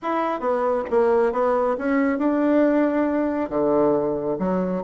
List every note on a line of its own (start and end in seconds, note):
0.02 0.40 E4
0.40 0.83 B3
0.90 1.32 A#3
1.32 1.76 B3
1.78 2.18 C#4
2.18 3.49 D4
3.49 4.37 D3
4.38 4.82 F#3